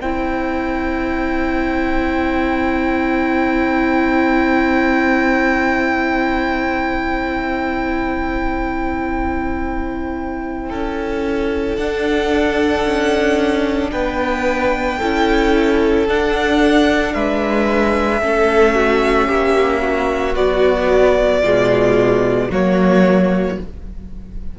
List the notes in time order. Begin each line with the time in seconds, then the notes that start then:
0.00 C4 E4 C5 G5
10.70 C#4 A4
11.76 D4 F#5
12.85 C#4
13.92 B3 B4 G5
14.99 C#4 E4 A4
16.08 D4 F#5
17.14 G#3 B4 E5
18.21 A3 C#4 A4
18.76 F#4
19.28 A#3 G4
19.81 F#4
20.35 F#3 B3 D5
21.42 B2 G#3 F4
22.50 F#3 A#3 F#4 C#5